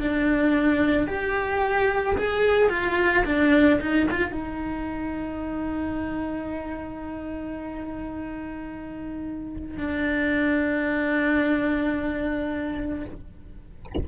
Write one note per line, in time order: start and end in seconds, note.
0.00 1.08 D4
1.08 2.17 G4
2.18 2.69 G#4
2.69 3.24 F4
3.25 3.80 D4
3.81 4.08 D#4
4.11 4.32 F4
4.32 9.78 D#4
9.78 13.05 D4